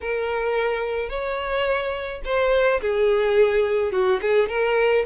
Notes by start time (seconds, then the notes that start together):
0.01 A#4
1.09 C#5
2.24 C5
2.81 G#4
3.92 F#4
4.21 G#4
4.48 A#4